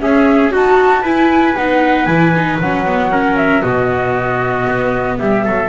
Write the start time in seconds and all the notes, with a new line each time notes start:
0.00 C#4 G#4 E5
0.51 D#4 F#4 A5
1.02 E4 B4 G#5
1.56 B3 D#4 F#5
2.05 E3 E4 G#5
2.36 D#4
2.60 F#3 C#4 F#5
2.86 B3
3.11 C#4 A#4
3.36 E5
3.62 B2 B3 F#4 D#5
4.67 B3
5.18 G3 G4 E5
5.44 F#3 A4